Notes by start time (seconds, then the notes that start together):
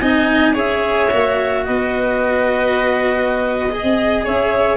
0.00 C4 D#4 D#5 G#5
0.53 C#4 G#4 C#5 E5
1.10 A#3 F#4
1.65 B3 B4 D#5
3.70 G#4 D#5
3.83 C4
4.24 C#4 C#5 E5